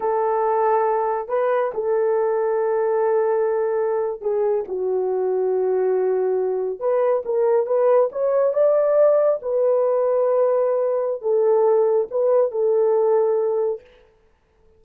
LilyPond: \new Staff \with { instrumentName = "horn" } { \time 4/4 \tempo 4 = 139 a'2. b'4 | a'1~ | a'4.~ a'16 gis'4 fis'4~ fis'16~ | fis'2.~ fis'8. b'16~ |
b'8. ais'4 b'4 cis''4 d''16~ | d''4.~ d''16 b'2~ b'16~ | b'2 a'2 | b'4 a'2. | }